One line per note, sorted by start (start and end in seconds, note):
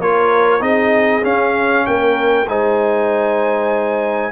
0.00 0.61 A#3
0.00 0.60 F4
0.00 0.61 A#4
0.00 0.62 C#5
0.60 1.23 C4
0.60 1.22 D#4
0.60 1.85 G#4
0.60 1.24 D#5
1.23 2.46 C#4
1.23 1.86 C#4
1.23 1.86 F5
1.86 2.48 A#3
1.86 2.48 A#4
1.86 2.48 G5
2.48 4.32 G#3
2.48 4.32 D#4
2.48 4.32 C5
2.48 4.32 G#5